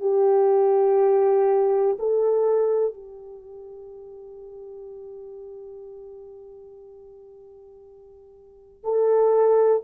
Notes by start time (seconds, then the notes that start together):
0.00 G4
1.99 A4
2.94 G4
8.84 A4